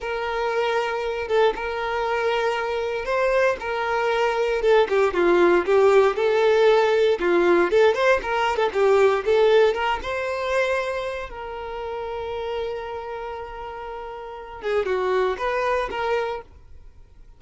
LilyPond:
\new Staff \with { instrumentName = "violin" } { \time 4/4 \tempo 4 = 117 ais'2~ ais'8 a'8 ais'4~ | ais'2 c''4 ais'4~ | ais'4 a'8 g'8 f'4 g'4 | a'2 f'4 a'8 c''8 |
ais'8. a'16 g'4 a'4 ais'8 c''8~ | c''2 ais'2~ | ais'1~ | ais'8 gis'8 fis'4 b'4 ais'4 | }